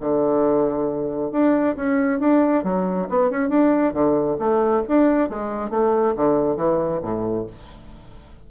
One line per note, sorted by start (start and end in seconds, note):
0.00 1.31 D3
1.31 1.75 D4
1.75 2.19 C#4
2.19 2.63 D4
2.63 3.07 F#3
3.09 3.30 B3
3.30 3.49 C#4
3.49 3.93 D4
3.93 4.37 D3
4.39 4.83 A3
4.87 5.29 D4
5.29 5.70 G#3
5.70 6.14 A3
6.15 6.56 D3
6.56 7.00 E3
7.02 7.46 A2